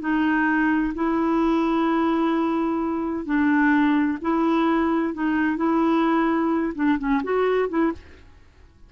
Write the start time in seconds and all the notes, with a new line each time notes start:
0.00 D#4
0.94 E4
3.25 D4
4.21 E4
5.14 D#4
5.56 E4
6.75 D4
6.98 C#4
7.23 F#4
7.68 E4